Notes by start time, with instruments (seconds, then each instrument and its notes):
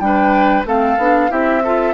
0.00 bassoon G3, clarinet D4, oboe B4, flute G5
0.65 bassoon A3, clarinet C4, oboe A4, flute F5
0.98 bassoon B3, clarinet D4
1.30 bassoon C4, clarinet E4, oboe G4, flute E5
1.64 clarinet F4, oboe A4